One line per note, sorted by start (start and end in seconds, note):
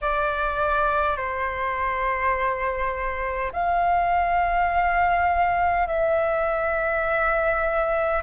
0.01 1.17 D5
1.17 3.52 C5
3.52 5.87 F5
5.87 8.22 E5